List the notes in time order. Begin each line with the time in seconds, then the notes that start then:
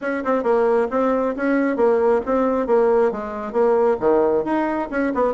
0.01 C#4
0.24 C4
0.43 A#3
0.90 C4
1.36 C#4
1.76 A#3
2.25 C4
2.67 A#3
3.11 G#3
3.52 A#3
4.00 D#3
4.44 D#4
4.90 C#4
5.14 B3